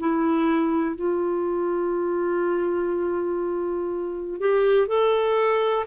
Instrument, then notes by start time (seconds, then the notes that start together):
clarinet
0.00 E4
0.96 F4
4.40 G4
4.87 A4